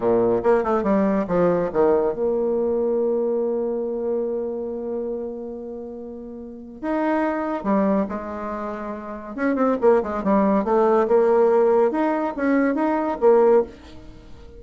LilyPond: \new Staff \with { instrumentName = "bassoon" } { \time 4/4 \tempo 4 = 141 ais,4 ais8 a8 g4 f4 | dis4 ais2.~ | ais1~ | ais1 |
dis'2 g4 gis4~ | gis2 cis'8 c'8 ais8 gis8 | g4 a4 ais2 | dis'4 cis'4 dis'4 ais4 | }